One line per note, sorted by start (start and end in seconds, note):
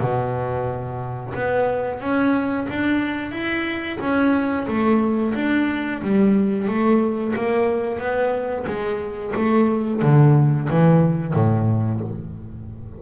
0.00 1.33 B2
1.35 2.00 B3
2.00 2.67 C#4
2.69 3.32 D4
3.32 3.98 E4
4.00 4.67 C#4
4.68 5.34 A3
5.35 6.02 D4
6.02 6.68 G3
6.68 7.35 A3
7.35 7.99 A#3
7.99 8.66 B3
8.67 9.34 G#3
9.36 10.02 A3
10.02 10.69 D3
10.70 11.34 E3
11.34 12.01 A2